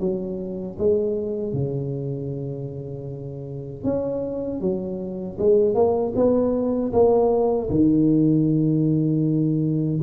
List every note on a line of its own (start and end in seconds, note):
0.00 0.77 F#3
0.79 1.53 G#3
1.53 3.84 C#3
3.84 4.60 C#4
4.60 5.37 F#3
5.38 5.74 G#3
5.74 6.13 A#3
6.15 6.92 B3
6.93 7.70 A#3
7.70 10.01 D#3